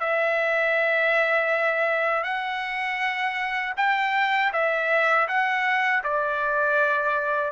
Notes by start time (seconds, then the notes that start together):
0.00 E5
2.24 F#5
3.77 G5
4.53 E5
5.28 F#5
6.03 D5